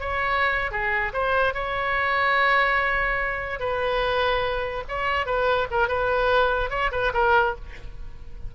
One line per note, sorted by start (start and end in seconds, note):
0.00 0.71 C#5
0.71 1.12 G#4
1.13 1.54 C5
1.54 3.59 C#5
3.59 4.84 B4
4.88 5.26 C#5
5.26 5.67 B4
5.71 5.88 A#4
5.88 6.70 B4
6.70 6.91 C#5
6.92 7.12 B4
7.14 7.55 A#4